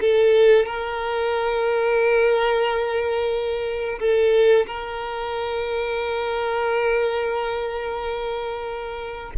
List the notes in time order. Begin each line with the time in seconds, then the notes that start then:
0.00 A4
0.65 A#4
3.99 A4
4.66 A#4